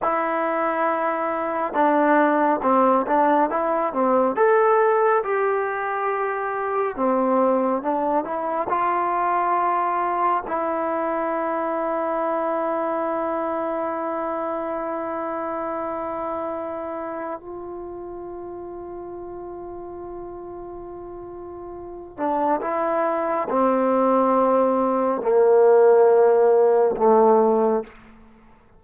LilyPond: \new Staff \with { instrumentName = "trombone" } { \time 4/4 \tempo 4 = 69 e'2 d'4 c'8 d'8 | e'8 c'8 a'4 g'2 | c'4 d'8 e'8 f'2 | e'1~ |
e'1 | f'1~ | f'4. d'8 e'4 c'4~ | c'4 ais2 a4 | }